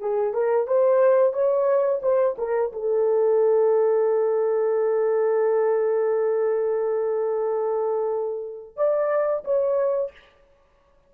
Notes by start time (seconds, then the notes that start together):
0.00 G#4
0.34 A#4
0.67 C5
1.33 C#5
2.03 C5
2.38 A#4
2.72 A4
8.77 D5
9.44 C#5